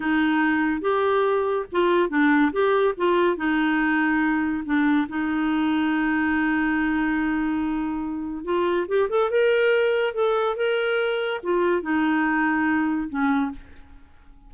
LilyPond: \new Staff \with { instrumentName = "clarinet" } { \time 4/4 \tempo 4 = 142 dis'2 g'2 | f'4 d'4 g'4 f'4 | dis'2. d'4 | dis'1~ |
dis'1 | f'4 g'8 a'8 ais'2 | a'4 ais'2 f'4 | dis'2. cis'4 | }